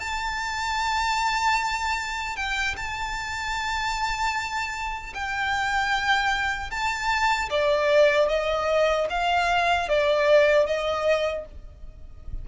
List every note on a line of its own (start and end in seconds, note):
0.00 2.36 A5
2.36 2.76 G5
2.77 5.14 A5
5.14 6.71 G5
6.71 7.50 A5
7.50 8.29 D5
8.29 9.08 D#5
9.10 9.89 F5
9.89 10.67 D5
10.67 11.45 D#5